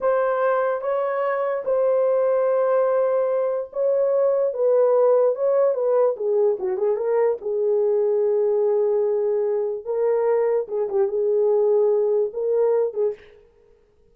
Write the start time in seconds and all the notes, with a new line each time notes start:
0.00 C5
0.81 C#5
1.64 C5
3.72 C#5
4.53 B4
5.35 C#5
5.74 B4
6.16 G#4
6.59 F#4
6.77 G#4
6.96 A#4
7.41 G#4
9.84 A#4
10.68 G#4
10.89 G4
11.08 G#4
12.33 A#4
12.93 G#4